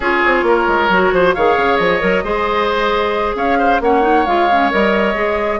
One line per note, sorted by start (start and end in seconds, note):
0.00 0.21 C#4
0.00 0.91 F4
0.00 0.44 G#4
0.00 1.34 C#5
0.25 0.43 C4
0.43 0.65 A#3
0.43 1.14 A#4
0.67 0.89 G#3
0.89 1.11 F#3
0.89 1.36 F#4
1.12 1.34 F3
1.12 1.34 C5
1.34 1.56 D#3
1.34 2.00 G#4
1.34 2.24 C#5
1.34 1.76 F5
1.56 1.78 C#3
1.76 2.01 F3
1.76 3.33 D#5
2.00 2.23 F#3
2.00 2.22 A#4
2.23 3.34 G#3
2.23 3.81 G#4
2.23 3.35 C5
3.34 3.79 C#4
3.34 3.58 C#5
3.34 3.81 F5
3.58 3.80 C5
3.80 4.25 A#3
3.80 4.01 C#4
3.80 5.59 C#5
3.80 4.26 F#5
4.01 4.23 D#4
4.26 4.71 G#3
4.26 4.49 F4
4.26 4.70 F5
4.49 4.71 C#4
4.71 5.14 G3
4.71 5.14 A#4
4.71 5.59 D#5
5.14 5.59 G#3
5.14 5.59 G#4